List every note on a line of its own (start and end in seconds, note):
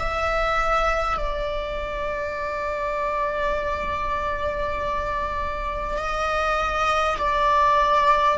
0.00 1.18 E5
1.18 5.98 D5
5.98 7.18 D#5
7.18 8.38 D5